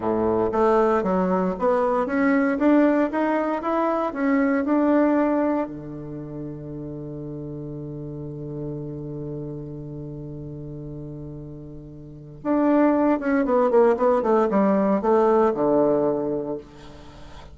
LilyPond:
\new Staff \with { instrumentName = "bassoon" } { \time 4/4 \tempo 4 = 116 a,4 a4 fis4 b4 | cis'4 d'4 dis'4 e'4 | cis'4 d'2 d4~ | d1~ |
d1~ | d1 | d'4. cis'8 b8 ais8 b8 a8 | g4 a4 d2 | }